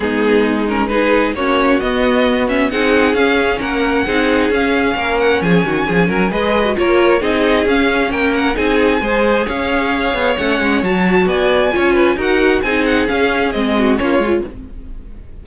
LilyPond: <<
  \new Staff \with { instrumentName = "violin" } { \time 4/4 \tempo 4 = 133 gis'4. ais'8 b'4 cis''4 | dis''4. e''8 fis''4 f''4 | fis''2 f''4. fis''8 | gis''2 dis''4 cis''4 |
dis''4 f''4 g''8 fis''8 gis''4~ | gis''4 f''2 fis''4 | a''4 gis''2 fis''4 | gis''8 fis''8 f''4 dis''4 cis''4 | }
  \new Staff \with { instrumentName = "violin" } { \time 4/4 dis'2 gis'4 fis'4~ | fis'2 gis'2 | ais'4 gis'2 ais'4 | gis'8 fis'8 gis'8 ais'8 b'4 ais'4 |
gis'2 ais'4 gis'4 | c''4 cis''2.~ | cis''4 d''4 cis''8 b'8 ais'4 | gis'2~ gis'8 fis'8 f'4 | }
  \new Staff \with { instrumentName = "viola" } { \time 4/4 b4. cis'8 dis'4 cis'4 | b4. cis'8 dis'4 cis'4~ | cis'4 dis'4 cis'2~ | cis'2 gis'8. fis'16 f'4 |
dis'4 cis'2 dis'4 | gis'2. cis'4 | fis'2 f'4 fis'4 | dis'4 cis'4 c'4 cis'8 f'8 | }
  \new Staff \with { instrumentName = "cello" } { \time 4/4 gis2. ais4 | b2 c'4 cis'4 | ais4 c'4 cis'4 ais4 | f8 dis8 f8 fis8 gis4 ais4 |
c'4 cis'4 ais4 c'4 | gis4 cis'4. b8 a8 gis8 | fis4 b4 cis'4 dis'4 | c'4 cis'4 gis4 ais8 gis8 | }
>>